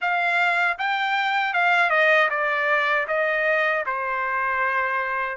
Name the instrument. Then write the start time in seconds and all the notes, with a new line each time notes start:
trumpet
0.01 F5
0.78 G5
1.53 F5
1.90 D#5
2.29 D5
3.07 D#5
3.86 C5